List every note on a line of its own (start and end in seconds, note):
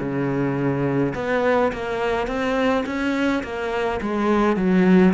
0.00 1.14 C#3
1.15 1.72 B3
1.73 2.28 A#3
2.28 2.85 C4
2.86 3.43 C#4
3.44 4.01 A#3
4.02 4.57 G#3
4.57 5.14 F#3